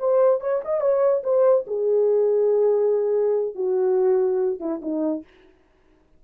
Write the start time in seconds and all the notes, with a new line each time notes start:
0.00 C5
0.41 C#5
0.65 D#5
0.81 C#5
1.24 C5
1.68 G#4
3.55 F#4
4.60 E4
4.82 D#4